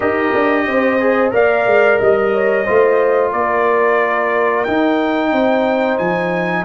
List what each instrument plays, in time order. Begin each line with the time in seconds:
0.00 tuba D#4, trombone G4, horn A#4, trumpet D#5
0.34 tuba D4
0.66 tuba C4, horn C5
1.00 trombone G#4
1.31 tuba A#3, trombone A#4, horn D5, trumpet F5
1.66 tuba G#3
1.99 tuba G3, horn D#5, trumpet D#5
2.33 horn C#5
2.64 tuba A3, trombone F4, horn C5
3.31 tuba A#3, horn A#4, trumpet D5
4.64 trombone D#4, tuba D#4, trumpet G5
5.32 tuba C4, horn C5
5.98 tuba F3, trumpet G#5